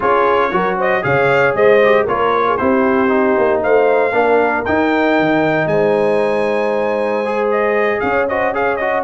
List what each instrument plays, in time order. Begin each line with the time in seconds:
0.00 tuba C#4, trombone F4, horn G#4, trumpet C#5
0.51 tuba F#3, trombone F#4, horn A#4
0.77 horn C5, trumpet D#5
1.02 tuba C#3, trombone G#4, horn C#5, trumpet F5
1.54 tuba G#3, horn C5, trumpet D#5
1.84 trombone G4
2.03 tuba A#3, trombone F4, horn A#4, trumpet C#5
2.47 horn G#4
2.57 tuba C4, trombone E4, horn G4, trumpet C5
3.08 trombone D#4
3.37 tuba A#3
3.62 tuba A3, horn C5, trumpet F5
4.12 tuba A#3, trombone D4, horn A#4
4.65 trombone D#4, tuba D#4, trumpet G5
5.19 tuba D#3
5.66 tuba G#3, horn C5, trumpet G#5
7.24 trombone G#4
7.50 trumpet D#5
8.00 tuba C#4, horn C#5, trumpet F5
8.28 trombone F#4, horn C5, trumpet D#5
8.53 trombone G#4, horn C#5, trumpet F5
8.76 trombone F#4, trumpet D#5